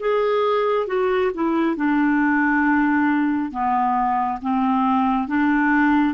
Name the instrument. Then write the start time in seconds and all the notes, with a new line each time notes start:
clarinet
0.00 G#4
0.87 F#4
1.34 E4
1.76 D4
3.51 B3
4.42 C4
5.28 D4